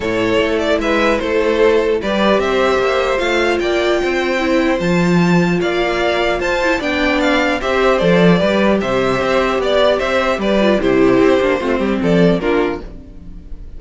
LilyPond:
<<
  \new Staff \with { instrumentName = "violin" } { \time 4/4 \tempo 4 = 150 cis''4. d''8 e''4 c''4~ | c''4 d''4 e''2 | f''4 g''2. | a''2 f''2 |
a''4 g''4 f''4 e''4 | d''2 e''2 | d''4 e''4 d''4 c''4~ | c''2 d''4 ais'4 | }
  \new Staff \with { instrumentName = "violin" } { \time 4/4 a'2 b'4 a'4~ | a'4 b'4 c''2~ | c''4 d''4 c''2~ | c''2 d''2 |
c''4 d''2 c''4~ | c''4 b'4 c''2 | d''4 c''4 b'4 g'4~ | g'4 f'8 g'8 a'4 f'4 | }
  \new Staff \with { instrumentName = "viola" } { \time 4/4 e'1~ | e'4 g'2. | f'2. e'4 | f'1~ |
f'8 e'8 d'2 g'4 | a'4 g'2.~ | g'2~ g'8 f'8 e'4~ | e'8 d'8 c'2 d'4 | }
  \new Staff \with { instrumentName = "cello" } { \time 4/4 a,4 a4 gis4 a4~ | a4 g4 c'4 ais4 | a4 ais4 c'2 | f2 ais2 |
f'4 b2 c'4 | f4 g4 c4 c'4 | b4 c'4 g4 c4 | c'8 ais8 a8 g8 f4 ais4 | }
>>